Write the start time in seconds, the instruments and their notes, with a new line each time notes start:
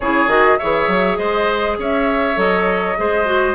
0.00 bassoon C#3, clarinet E4, oboe G#4, flute C#5
0.27 bassoon D#3, clarinet F#4, flute D#5
0.58 bassoon E3, clarinet G#4, oboe C#5, flute E5
0.87 bassoon F#3
1.16 bassoon G#3, oboe C5, flute D#5
1.78 bassoon C#4, oboe C#5, flute E5
2.35 bassoon F#3, clarinet A4, flute D#5
2.96 bassoon G#3, clarinet G#4, oboe C5
3.25 clarinet F#4